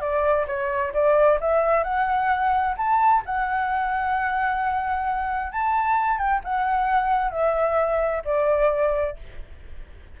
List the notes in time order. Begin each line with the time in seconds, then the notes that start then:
0.00 D5
0.47 C#5
0.93 D5
1.40 E5
1.83 F#5
2.77 A5
3.25 F#5
5.52 A5
6.18 G5
6.44 F#5
7.31 E5
8.24 D5